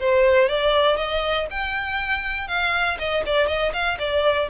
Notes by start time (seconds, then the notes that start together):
0.00 C5
0.49 D5
0.97 D#5
1.51 G5
2.48 F5
2.99 D#5
3.26 D5
3.47 D#5
3.73 F5
3.99 D5